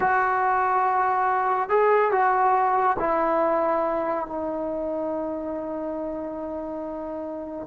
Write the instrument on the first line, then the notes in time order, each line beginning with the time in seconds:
trombone
0.00 F#4
1.69 G#4
2.11 F#4
2.99 E4
4.27 D#4